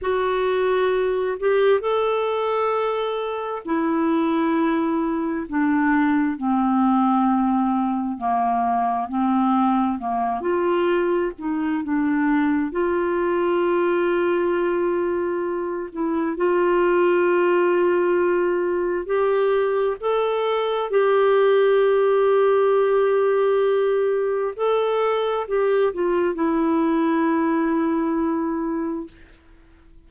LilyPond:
\new Staff \with { instrumentName = "clarinet" } { \time 4/4 \tempo 4 = 66 fis'4. g'8 a'2 | e'2 d'4 c'4~ | c'4 ais4 c'4 ais8 f'8~ | f'8 dis'8 d'4 f'2~ |
f'4. e'8 f'2~ | f'4 g'4 a'4 g'4~ | g'2. a'4 | g'8 f'8 e'2. | }